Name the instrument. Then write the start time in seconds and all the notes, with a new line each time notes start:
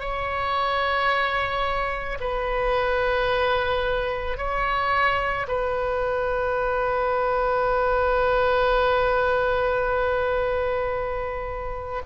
oboe
0.00 C#5
2.20 B4
4.37 C#5
5.47 B4